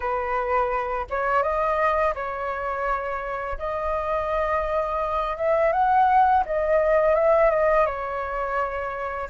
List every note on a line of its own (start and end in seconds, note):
0.00 1.06 B4
1.09 1.42 C#5
1.42 2.14 D#5
2.15 3.57 C#5
3.58 5.36 D#5
5.36 5.72 E5
5.72 6.44 F#5
6.45 7.15 D#5
7.15 7.50 E5
7.50 7.86 D#5
7.86 9.29 C#5